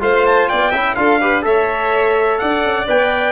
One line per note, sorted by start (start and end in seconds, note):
0.00 0.49 A3
0.00 0.71 F4
0.00 0.49 C5
0.00 0.26 F5
0.26 0.49 A5
0.49 0.72 B3
0.49 0.71 D5
0.49 0.95 G5
0.71 0.96 C#4
0.71 0.96 E4
0.71 0.94 E5
0.95 1.45 D4
0.95 1.20 F4
0.95 1.21 A4
0.95 1.43 F5
1.21 1.42 G4
1.21 1.44 B4
1.42 2.40 A3
1.42 2.85 A4
1.42 2.40 C#5
1.42 2.38 E5
2.38 2.64 D4
2.38 3.32 D5
2.38 2.86 F#5
2.64 2.88 C#4
2.87 3.32 B3
2.87 3.32 B4
2.87 3.32 G5